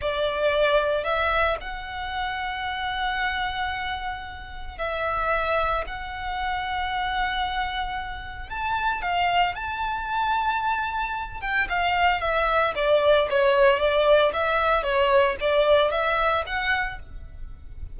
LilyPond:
\new Staff \with { instrumentName = "violin" } { \time 4/4 \tempo 4 = 113 d''2 e''4 fis''4~ | fis''1~ | fis''4 e''2 fis''4~ | fis''1 |
a''4 f''4 a''2~ | a''4. g''8 f''4 e''4 | d''4 cis''4 d''4 e''4 | cis''4 d''4 e''4 fis''4 | }